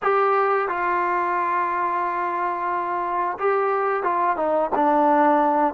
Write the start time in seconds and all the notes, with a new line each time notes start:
0.02 G4
0.68 F4
3.38 G4
4.03 F4
4.36 D#4
4.75 D4